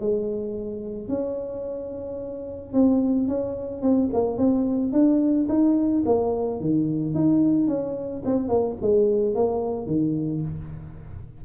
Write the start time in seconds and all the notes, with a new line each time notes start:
0.00 G#3
1.08 C#4
2.73 C4
3.28 C#4
3.82 C4
4.13 A#3
4.37 C4
4.92 D4
5.48 D#4
6.05 A#3
6.60 D#3
7.14 D#4
7.67 C#4
8.25 C4
8.48 A#3
8.81 G#3
9.35 A#3
9.86 D#3